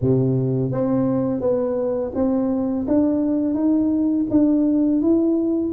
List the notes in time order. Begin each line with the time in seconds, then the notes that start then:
0.01 C3
0.71 C4
1.40 B3
2.14 C4
2.87 D4
3.54 D#4
4.30 D4
5.01 E4